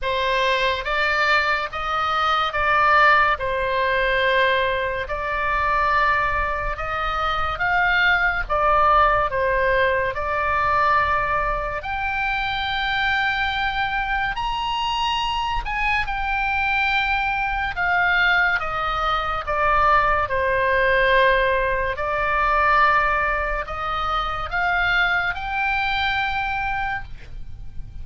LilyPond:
\new Staff \with { instrumentName = "oboe" } { \time 4/4 \tempo 4 = 71 c''4 d''4 dis''4 d''4 | c''2 d''2 | dis''4 f''4 d''4 c''4 | d''2 g''2~ |
g''4 ais''4. gis''8 g''4~ | g''4 f''4 dis''4 d''4 | c''2 d''2 | dis''4 f''4 g''2 | }